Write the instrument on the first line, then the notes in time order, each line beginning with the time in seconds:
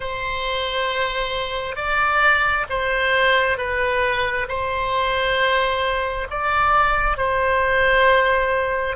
oboe
0.00 C5
1.76 D5
2.69 C5
3.57 B4
4.48 C5
6.30 D5
7.17 C5